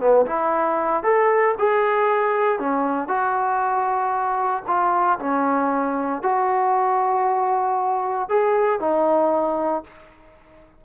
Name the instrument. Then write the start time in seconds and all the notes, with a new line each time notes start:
trombone
0.00 B3
0.26 E4
1.03 A4
1.59 G#4
2.59 C#4
3.08 F#4
4.67 F4
5.19 C#4
6.23 F#4
8.29 G#4
8.80 D#4